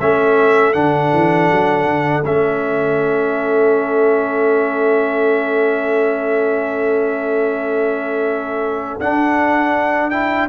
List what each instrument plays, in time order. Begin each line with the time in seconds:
0.00 tuba A3, trombone C#4, horn A4, trumpet E5
0.73 tuba D3, trombone D4, trumpet F#5
1.13 tuba E3
1.51 tuba F#3
1.84 tuba D3
2.23 tuba A3, trombone C#4, trumpet E5
9.00 tuba D4, trombone D4, trumpet F#5
10.10 trombone E4, trumpet G5